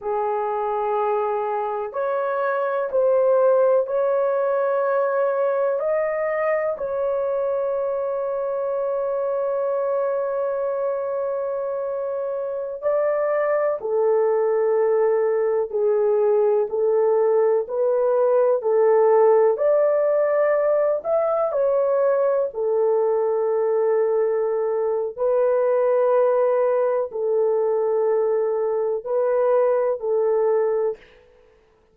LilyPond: \new Staff \with { instrumentName = "horn" } { \time 4/4 \tempo 4 = 62 gis'2 cis''4 c''4 | cis''2 dis''4 cis''4~ | cis''1~ | cis''4~ cis''16 d''4 a'4.~ a'16~ |
a'16 gis'4 a'4 b'4 a'8.~ | a'16 d''4. e''8 cis''4 a'8.~ | a'2 b'2 | a'2 b'4 a'4 | }